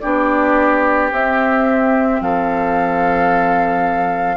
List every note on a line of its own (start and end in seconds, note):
0.00 1.11 B3
0.00 1.11 D4
0.00 2.20 G4
0.00 1.09 D5
1.11 4.36 C4
1.11 2.20 C4
1.11 2.22 E5
2.20 4.36 F3
2.20 4.36 A4
2.20 4.36 F5